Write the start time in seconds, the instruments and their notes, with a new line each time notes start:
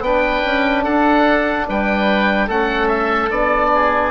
0.00 bassoon B3, trombone D4, oboe B4 G5
0.45 bassoon C#4
0.84 bassoon D4, oboe A4 F#5
1.68 bassoon G3, oboe B4 G5
2.47 bassoon A3, trombone C#4, oboe A4 F#5
2.88 oboe E5
3.30 bassoon B3, trombone D4, oboe D5
3.74 oboe G#4